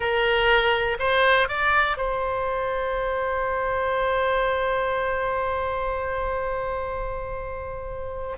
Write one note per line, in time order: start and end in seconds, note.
0.00 0.97 A#4
0.99 1.48 C5
1.48 1.97 D5
1.97 8.36 C5